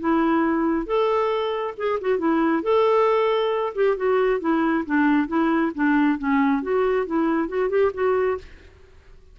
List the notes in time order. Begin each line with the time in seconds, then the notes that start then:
0.00 E4
0.87 A4
1.78 G#4
2.01 F#4
2.19 E4
2.63 A4
3.75 G4
3.97 F#4
4.41 E4
4.86 D4
5.28 E4
5.75 D4
6.19 C#4
6.63 F#4
7.07 E4
7.49 F#4
7.70 G4
7.94 F#4